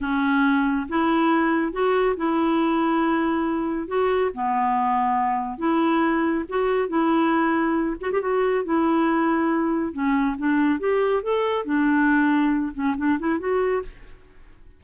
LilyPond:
\new Staff \with { instrumentName = "clarinet" } { \time 4/4 \tempo 4 = 139 cis'2 e'2 | fis'4 e'2.~ | e'4 fis'4 b2~ | b4 e'2 fis'4 |
e'2~ e'8 fis'16 g'16 fis'4 | e'2. cis'4 | d'4 g'4 a'4 d'4~ | d'4. cis'8 d'8 e'8 fis'4 | }